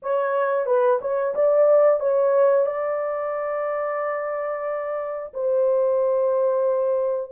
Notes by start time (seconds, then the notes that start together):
0.02 C#5
0.65 B4
1.01 C#5
1.34 D5
2.00 C#5
2.65 D5
5.33 C5